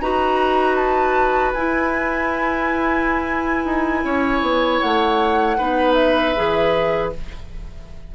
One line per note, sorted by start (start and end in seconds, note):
0.00 1.54 D#4
0.00 1.55 F#4
0.00 4.04 B4
0.00 0.75 A#5
0.75 1.52 A5
1.53 3.65 E4
1.53 5.58 E4
1.53 4.80 G#5
3.65 4.03 D#4
4.04 4.41 C#4
4.04 5.57 C#5
4.41 4.80 B3
4.80 5.59 A3
4.80 5.94 F#5
5.57 6.36 B3
5.57 6.35 D#4
5.57 7.11 B4
5.94 7.09 E5
6.36 7.15 E3
6.36 7.13 G#4